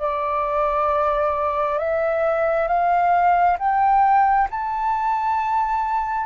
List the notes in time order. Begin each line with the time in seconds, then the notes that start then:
0.00 D5
1.79 E5
2.68 F5
3.59 G5
4.51 A5